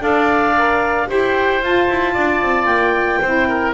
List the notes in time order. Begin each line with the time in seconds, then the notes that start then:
0.00 D4 A4 D5 F5
0.57 A#4
1.07 E4 G4 C5 G5
1.62 F4 A5
1.89 E4
2.13 D4 D5
2.42 C4
2.65 A#3 G5
3.21 C4 E4 C5
3.48 A#4